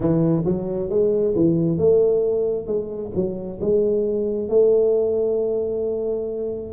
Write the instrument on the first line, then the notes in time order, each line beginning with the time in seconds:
tuba
0.00 E3
0.45 F#3
0.90 G#3
1.35 E3
1.78 A3
2.66 G#3
3.15 F#3
3.60 G#3
4.49 A3